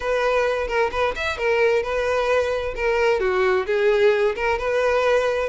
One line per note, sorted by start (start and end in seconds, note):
0.00 0.67 B4
0.67 0.90 A#4
0.91 1.14 B4
1.15 1.37 E5
1.37 1.82 A#4
1.82 2.74 B4
2.75 3.20 A#4
3.20 3.66 F#4
3.66 4.35 G#4
4.35 4.58 A#4
4.58 5.49 B4